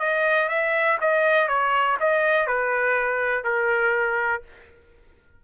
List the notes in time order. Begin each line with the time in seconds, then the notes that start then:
0.00 D#5
0.49 E5
1.01 D#5
1.48 C#5
2.01 D#5
2.47 B4
3.44 A#4